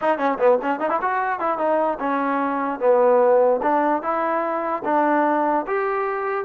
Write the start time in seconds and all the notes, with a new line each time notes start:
0.01 D#4
0.17 C#4
0.38 B3
0.62 C#4
0.79 D#4
0.89 E4
1.01 F#4
1.39 E4
1.58 D#4
1.99 C#4
2.79 B3
3.62 D4
4.02 E4
4.84 D4
5.67 G4